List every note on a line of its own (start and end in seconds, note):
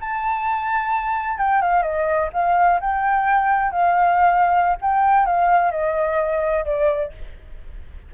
0.00 1.38 A5
1.38 1.61 G5
1.61 1.82 F5
1.82 2.29 D#5
2.33 2.80 F5
2.80 3.71 G5
3.71 4.77 F5
4.81 5.26 G5
5.26 5.71 F5
5.71 6.65 D#5
6.65 7.11 D5